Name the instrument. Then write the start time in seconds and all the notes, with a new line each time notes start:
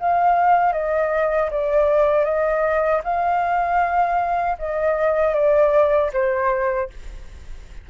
flute
0.00 F5
0.73 D#5
1.51 D5
2.25 D#5
3.04 F5
4.59 D#5
5.34 D5
6.13 C5